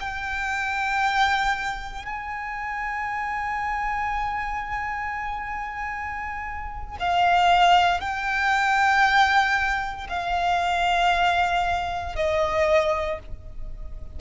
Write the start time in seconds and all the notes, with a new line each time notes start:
0.00 G5
2.05 G#5
7.00 F5
8.00 G5
10.09 F5
12.16 D#5